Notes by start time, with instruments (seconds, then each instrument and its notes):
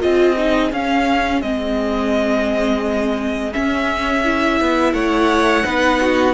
0.00 cello C4, viola F4, violin G#4 D#5
0.38 viola D#4
0.72 cello C#4, viola C#4, violin F5
1.42 cello G#3, viola C4, violin D#5
3.53 viola C#4, cello C#4, violin E5
4.25 viola E4
4.61 cello B3
4.94 cello A3, violin C#5 F#5
5.65 cello B3, viola D#4, violin B4
6.01 violin F#4